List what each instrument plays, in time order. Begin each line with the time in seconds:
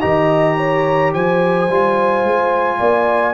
0.00 tuba D#3, trombone G4, horn D#5, trumpet A#5
0.57 horn C#5
1.13 tuba F3, horn C5, trumpet G#5
1.69 tuba G3, trombone F4
2.23 tuba G#3
2.79 tuba A#3, horn D5